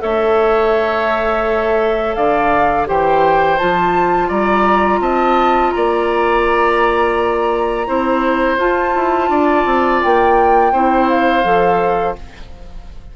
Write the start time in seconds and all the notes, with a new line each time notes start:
0.00 A3 A4 C#5 E5
2.15 D3 D5 F5
2.86 E3 G4 C5 G5
3.58 F3 F4 A5
4.28 G3 D5 A#5
5.00 C4 D#5 A5
5.71 A#3 D5 A#5
7.87 C4 E4 C5
8.58 F4 A5
8.95 E4
9.29 D4 D5
9.65 C4
10.03 A#3 G5
10.73 C4 E4 C5
11.08 F5
11.44 F3 A4